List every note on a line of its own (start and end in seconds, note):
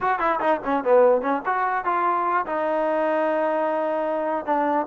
0.00 0.19 F#4
0.19 0.39 E4
0.40 0.60 D#4
0.64 0.84 C#4
0.84 1.21 B3
1.21 1.42 C#4
1.45 1.84 F#4
1.84 2.45 F4
2.45 4.45 D#4
4.45 4.86 D4